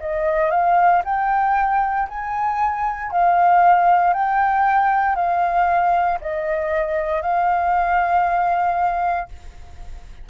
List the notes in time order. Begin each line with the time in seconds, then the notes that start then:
0.00 D#5
0.51 F5
1.05 G5
2.09 G#5
3.12 F5
4.14 G5
5.16 F5
6.21 D#5
7.22 F5